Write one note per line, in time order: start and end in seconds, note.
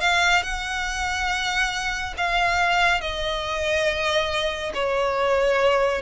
0.00 0.43 F5
0.43 2.14 F#5
2.17 3.01 F5
3.01 4.72 D#5
4.74 6.01 C#5